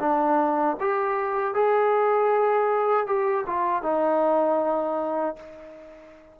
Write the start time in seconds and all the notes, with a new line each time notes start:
0.00 D4
0.80 G4
1.55 G#4
3.07 G4
3.47 F4
3.83 D#4